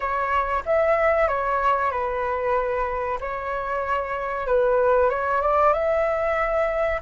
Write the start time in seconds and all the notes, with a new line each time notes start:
0.00 C#5
0.65 E5
1.28 C#5
1.91 B4
3.20 C#5
4.47 B4
5.09 C#5
5.41 D5
5.73 E5